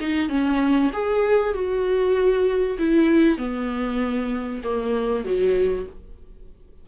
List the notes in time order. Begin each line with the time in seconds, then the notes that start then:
0.00 D#4
0.29 C#4
0.93 G#4
1.54 F#4
2.78 E4
3.38 B3
4.64 A#3
5.24 F#3